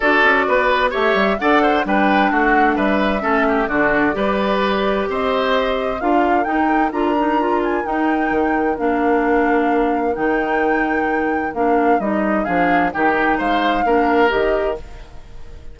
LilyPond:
<<
  \new Staff \with { instrumentName = "flute" } { \time 4/4 \tempo 4 = 130 d''2 e''4 fis''4 | g''4 fis''4 e''2 | d''2. dis''4~ | dis''4 f''4 g''4 ais''4~ |
ais''8 gis''8 g''2 f''4~ | f''2 g''2~ | g''4 f''4 dis''4 f''4 | g''4 f''2 dis''4 | }
  \new Staff \with { instrumentName = "oboe" } { \time 4/4 a'4 b'4 cis''4 d''8 c''8 | b'4 fis'4 b'4 a'8 g'8 | fis'4 b'2 c''4~ | c''4 ais'2.~ |
ais'1~ | ais'1~ | ais'2. gis'4 | g'4 c''4 ais'2 | }
  \new Staff \with { instrumentName = "clarinet" } { \time 4/4 fis'2 g'4 a'4 | d'2. cis'4 | d'4 g'2.~ | g'4 f'4 dis'4 f'8 dis'8 |
f'4 dis'2 d'4~ | d'2 dis'2~ | dis'4 d'4 dis'4 d'4 | dis'2 d'4 g'4 | }
  \new Staff \with { instrumentName = "bassoon" } { \time 4/4 d'8 cis'8 b4 a8 g8 d'4 | g4 a4 g4 a4 | d4 g2 c'4~ | c'4 d'4 dis'4 d'4~ |
d'4 dis'4 dis4 ais4~ | ais2 dis2~ | dis4 ais4 g4 f4 | dis4 gis4 ais4 dis4 | }
>>